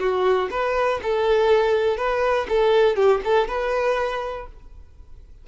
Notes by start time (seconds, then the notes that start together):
0.00 F#4
0.51 B4
1.03 A4
1.97 B4
2.49 A4
2.96 G4
3.25 A4
3.48 B4